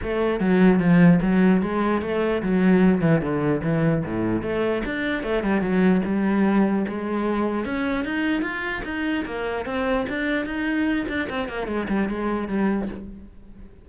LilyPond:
\new Staff \with { instrumentName = "cello" } { \time 4/4 \tempo 4 = 149 a4 fis4 f4 fis4 | gis4 a4 fis4. e8 | d4 e4 a,4 a4 | d'4 a8 g8 fis4 g4~ |
g4 gis2 cis'4 | dis'4 f'4 dis'4 ais4 | c'4 d'4 dis'4. d'8 | c'8 ais8 gis8 g8 gis4 g4 | }